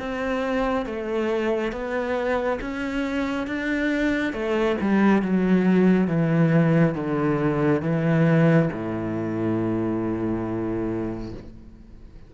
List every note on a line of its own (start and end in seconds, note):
0.00 0.86 C4
0.86 1.72 A3
1.72 2.59 B3
2.61 3.47 C#4
3.47 4.33 D4
4.33 4.77 A3
4.81 5.23 G3
5.23 6.08 F#3
6.08 6.95 E3
6.95 7.82 D3
7.83 8.70 E3
8.73 11.34 A2